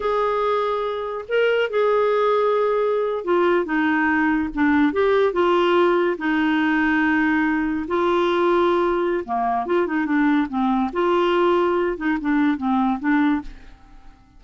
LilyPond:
\new Staff \with { instrumentName = "clarinet" } { \time 4/4 \tempo 4 = 143 gis'2. ais'4 | gis'2.~ gis'8. f'16~ | f'8. dis'2 d'4 g'16~ | g'8. f'2 dis'4~ dis'16~ |
dis'2~ dis'8. f'4~ f'16~ | f'2 ais4 f'8 dis'8 | d'4 c'4 f'2~ | f'8 dis'8 d'4 c'4 d'4 | }